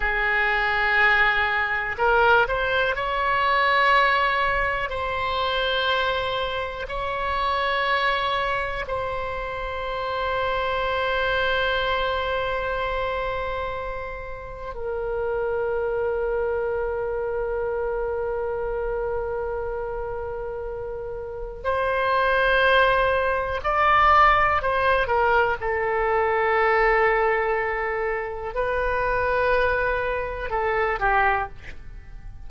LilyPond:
\new Staff \with { instrumentName = "oboe" } { \time 4/4 \tempo 4 = 61 gis'2 ais'8 c''8 cis''4~ | cis''4 c''2 cis''4~ | cis''4 c''2.~ | c''2. ais'4~ |
ais'1~ | ais'2 c''2 | d''4 c''8 ais'8 a'2~ | a'4 b'2 a'8 g'8 | }